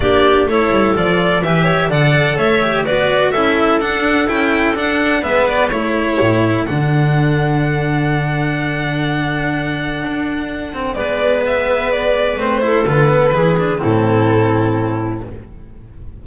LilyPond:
<<
  \new Staff \with { instrumentName = "violin" } { \time 4/4 \tempo 4 = 126 d''4 cis''4 d''4 e''4 | fis''4 e''4 d''4 e''4 | fis''4 g''4 fis''4 e''8 d''8 | cis''2 fis''2~ |
fis''1~ | fis''2. d''4 | e''4 d''4 c''4 b'4~ | b'4 a'2. | }
  \new Staff \with { instrumentName = "clarinet" } { \time 4/4 g'4 a'2 b'8 cis''8 | d''4 cis''4 b'4 a'4~ | a'2. b'4 | a'1~ |
a'1~ | a'2. b'4~ | b'2~ b'8 a'4. | gis'4 e'2. | }
  \new Staff \with { instrumentName = "cello" } { \time 4/4 d'4 e'4 f'4 g'4 | a'4. g'8 fis'4 e'4 | d'4 e'4 d'4 b4 | e'2 d'2~ |
d'1~ | d'2~ d'8 c'8 b4~ | b2 c'8 e'8 f'8 b8 | e'8 d'8 c'2. | }
  \new Staff \with { instrumentName = "double bass" } { \time 4/4 ais4 a8 g8 f4 e4 | d4 a4 b4 cis'4 | d'4 cis'4 d'4 gis4 | a4 a,4 d2~ |
d1~ | d4 d'2 gis4~ | gis2 a4 d4 | e4 a,2. | }
>>